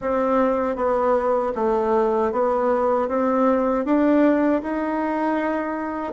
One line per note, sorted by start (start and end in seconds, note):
0.01 0.76 C4
0.76 1.52 B3
1.55 2.31 A3
2.32 3.08 B3
3.08 3.85 C4
3.85 4.62 D4
4.62 6.13 D#4